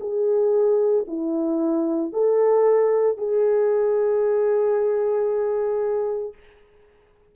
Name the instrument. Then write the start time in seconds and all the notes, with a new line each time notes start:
horn
0.00 G#4
1.08 E4
2.13 A4
3.18 G#4